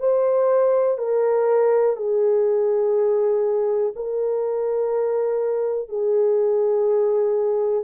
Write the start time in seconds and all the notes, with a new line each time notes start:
0.00 C5
0.98 A#4
1.96 G#4
3.96 A#4
5.89 G#4